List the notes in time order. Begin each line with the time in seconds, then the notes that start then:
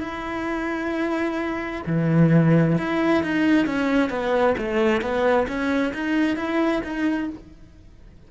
0.00 E4
1.86 E3
2.78 E4
3.23 D#4
3.66 C#4
4.10 B3
4.57 A3
5.01 B3
5.48 C#4
5.94 D#4
6.36 E4
6.83 D#4